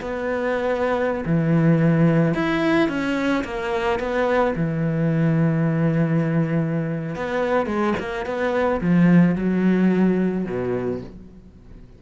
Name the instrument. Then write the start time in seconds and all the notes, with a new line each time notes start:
cello
0.00 B3
1.25 E3
2.34 E4
2.88 C#4
3.44 A#3
3.99 B3
4.55 E3
7.15 B3
7.66 G#3
7.99 A#3
8.25 B3
8.80 F3
9.35 F#3
10.45 B2